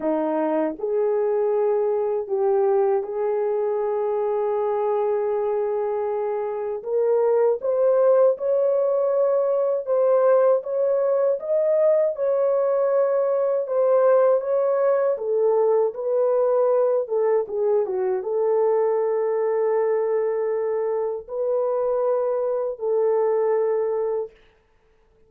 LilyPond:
\new Staff \with { instrumentName = "horn" } { \time 4/4 \tempo 4 = 79 dis'4 gis'2 g'4 | gis'1~ | gis'4 ais'4 c''4 cis''4~ | cis''4 c''4 cis''4 dis''4 |
cis''2 c''4 cis''4 | a'4 b'4. a'8 gis'8 fis'8 | a'1 | b'2 a'2 | }